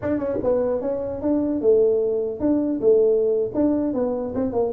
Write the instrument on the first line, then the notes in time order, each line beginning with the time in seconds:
tuba
0.02 D4
0.18 C#4
0.43 B3
0.81 C#4
1.21 D4
1.61 A3
2.40 D4
2.80 A3
3.54 D4
3.93 B3
4.34 C4
4.52 A#3